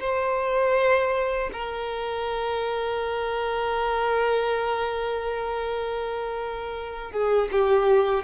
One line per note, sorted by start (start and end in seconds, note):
0.00 1.50 C5
1.53 7.11 A#4
7.11 7.49 G#4
7.52 8.24 G4